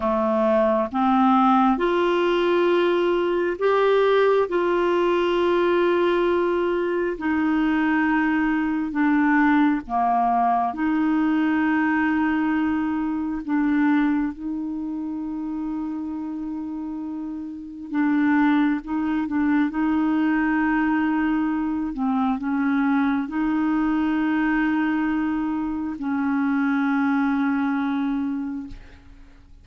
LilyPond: \new Staff \with { instrumentName = "clarinet" } { \time 4/4 \tempo 4 = 67 a4 c'4 f'2 | g'4 f'2. | dis'2 d'4 ais4 | dis'2. d'4 |
dis'1 | d'4 dis'8 d'8 dis'2~ | dis'8 c'8 cis'4 dis'2~ | dis'4 cis'2. | }